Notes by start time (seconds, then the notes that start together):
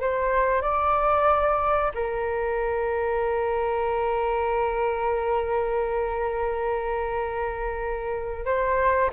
0.00 C5
0.61 D5
1.94 A#4
8.45 C5